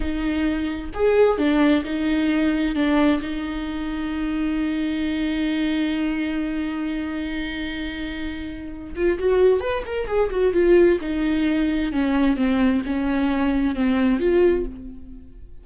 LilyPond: \new Staff \with { instrumentName = "viola" } { \time 4/4 \tempo 4 = 131 dis'2 gis'4 d'4 | dis'2 d'4 dis'4~ | dis'1~ | dis'1~ |
dis'2.~ dis'8 f'8 | fis'4 b'8 ais'8 gis'8 fis'8 f'4 | dis'2 cis'4 c'4 | cis'2 c'4 f'4 | }